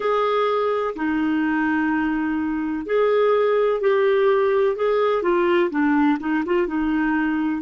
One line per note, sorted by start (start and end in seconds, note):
0.00 0.94 G#4
0.95 2.86 D#4
2.86 3.81 G#4
3.81 4.76 G4
4.76 5.22 G#4
5.22 5.69 F4
5.70 6.17 D4
6.19 6.43 D#4
6.45 6.67 F4
6.67 7.61 D#4